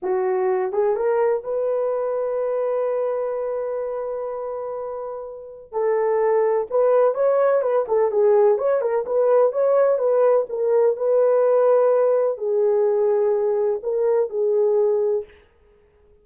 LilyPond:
\new Staff \with { instrumentName = "horn" } { \time 4/4 \tempo 4 = 126 fis'4. gis'8 ais'4 b'4~ | b'1~ | b'1 | a'2 b'4 cis''4 |
b'8 a'8 gis'4 cis''8 ais'8 b'4 | cis''4 b'4 ais'4 b'4~ | b'2 gis'2~ | gis'4 ais'4 gis'2 | }